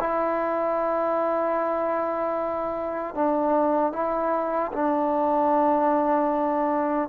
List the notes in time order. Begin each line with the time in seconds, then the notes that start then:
0.00 E4
3.15 D4
3.93 E4
4.73 D4